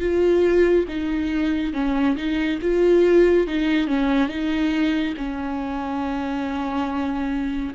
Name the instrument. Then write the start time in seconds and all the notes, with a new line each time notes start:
viola
0.00 F4
0.88 D#4
1.73 C#4
2.17 D#4
2.61 F4
3.47 D#4
3.87 C#4
4.29 D#4
5.17 C#4